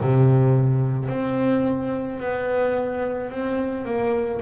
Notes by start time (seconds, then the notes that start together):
0.00 C3
1.09 C4
2.20 B3
3.30 C4
3.85 A#3